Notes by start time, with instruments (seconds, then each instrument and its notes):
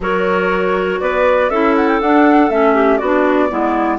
0.00 bassoon F#3, clarinet F#4 A#4, flute C#5
1.00 bassoon B3, clarinet B4, flute D5
1.49 bassoon C#4, clarinet E4 A4, flute E5
1.75 flute F#5
1.88 flute G5
2.01 bassoon D4, clarinet D4, flute F#5
2.50 bassoon A3, clarinet C#4, flute E5
2.74 clarinet G4
2.97 bassoon B3, clarinet F#4, flute D5
3.03 clarinet D4
3.49 bassoon G#3, clarinet B3 E4